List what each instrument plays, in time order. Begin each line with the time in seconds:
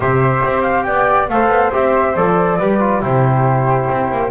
0.00 double bass C3, trombone G4, flute C5 E5
0.44 double bass C4
0.62 flute F5
0.83 double bass B3, flute D5 G5
1.29 double bass A3, trombone A4, flute C5 F5
1.47 double bass B3
1.71 double bass C4, trombone G4, flute E5
2.15 double bass F3, trombone A4, flute D5
2.58 double bass G3, trombone G4, flute B4
2.80 trombone F4
3.01 double bass C3, trombone E4, flute G4 C5
3.89 double bass C4
4.11 double bass A#3